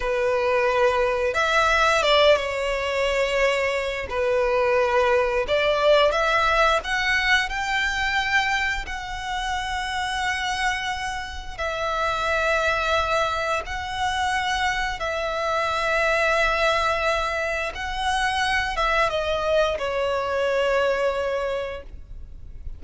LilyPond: \new Staff \with { instrumentName = "violin" } { \time 4/4 \tempo 4 = 88 b'2 e''4 d''8 cis''8~ | cis''2 b'2 | d''4 e''4 fis''4 g''4~ | g''4 fis''2.~ |
fis''4 e''2. | fis''2 e''2~ | e''2 fis''4. e''8 | dis''4 cis''2. | }